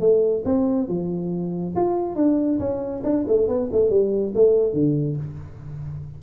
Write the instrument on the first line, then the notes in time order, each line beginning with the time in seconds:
tuba
0.00 A3
0.45 C4
0.88 F3
1.75 F4
2.15 D4
2.59 C#4
3.04 D4
3.27 A3
3.48 B3
3.72 A3
3.90 G3
4.35 A3
4.73 D3